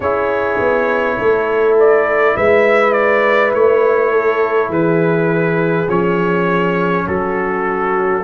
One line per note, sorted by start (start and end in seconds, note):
0.00 0.58 C#4
0.00 5.88 E4
0.00 1.17 G#4
0.00 1.77 C#5
0.59 1.18 B3
1.17 2.36 A3
1.17 2.35 A4
1.79 2.37 D5
2.35 3.53 G#3
2.35 4.11 B4
2.35 2.92 E5
2.92 3.51 D5
3.53 4.69 A3
3.53 4.71 C#5
4.11 4.69 A4
4.69 5.87 E3
4.69 7.05 G#4
4.69 5.89 B4
5.88 7.05 F3
5.88 8.23 C#4
5.88 7.07 C#5
7.07 8.23 F#3
7.07 8.23 F#4
7.07 8.23 A4